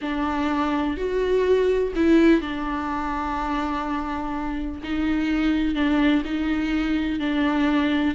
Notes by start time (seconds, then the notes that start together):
0.01 D4
0.97 F#4
1.95 E4
2.41 D4
4.83 D#4
5.74 D4
6.24 D#4
7.19 D4